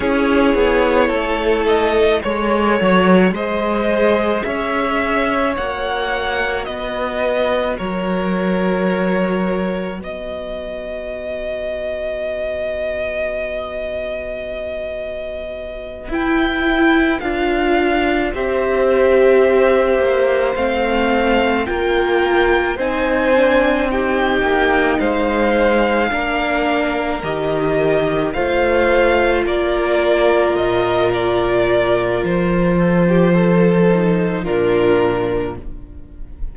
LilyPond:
<<
  \new Staff \with { instrumentName = "violin" } { \time 4/4 \tempo 4 = 54 cis''4. dis''8 cis''4 dis''4 | e''4 fis''4 dis''4 cis''4~ | cis''4 dis''2.~ | dis''2~ dis''8 g''4 f''8~ |
f''8 e''2 f''4 g''8~ | g''8 gis''4 g''4 f''4.~ | f''8 dis''4 f''4 d''4 dis''8 | d''4 c''2 ais'4 | }
  \new Staff \with { instrumentName = "violin" } { \time 4/4 gis'4 a'4 cis''4 c''4 | cis''2 b'4 ais'4~ | ais'4 b'2.~ | b'1~ |
b'8 c''2. ais'8~ | ais'8 c''4 g'4 c''4 ais'8~ | ais'4. c''4 ais'4.~ | ais'4. a'16 g'16 a'4 f'4 | }
  \new Staff \with { instrumentName = "viola" } { \time 4/4 e'2 a'4 gis'4~ | gis'4 fis'2.~ | fis'1~ | fis'2~ fis'8 e'4 f'8~ |
f'8 g'2 c'4 f'8~ | f'8 dis'8 d'8 dis'2 d'8~ | d'8 g'4 f'2~ f'8~ | f'2~ f'8 dis'8 d'4 | }
  \new Staff \with { instrumentName = "cello" } { \time 4/4 cis'8 b8 a4 gis8 fis8 gis4 | cis'4 ais4 b4 fis4~ | fis4 b2.~ | b2~ b8 e'4 d'8~ |
d'8 c'4. ais8 a4 ais8~ | ais8 c'4. ais8 gis4 ais8~ | ais8 dis4 a4 ais4 ais,8~ | ais,4 f2 ais,4 | }
>>